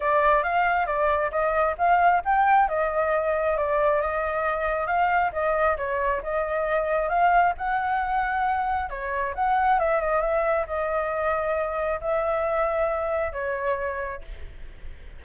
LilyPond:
\new Staff \with { instrumentName = "flute" } { \time 4/4 \tempo 4 = 135 d''4 f''4 d''4 dis''4 | f''4 g''4 dis''2 | d''4 dis''2 f''4 | dis''4 cis''4 dis''2 |
f''4 fis''2. | cis''4 fis''4 e''8 dis''8 e''4 | dis''2. e''4~ | e''2 cis''2 | }